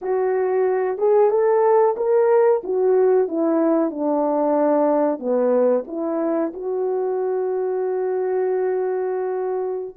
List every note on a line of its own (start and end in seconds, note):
0.01 0.98 F#4
0.98 1.30 G#4
1.30 1.95 A4
1.96 2.61 A#4
2.63 3.28 F#4
3.28 3.90 E4
3.90 5.19 D4
5.19 5.84 B3
5.87 6.52 E4
6.53 9.95 F#4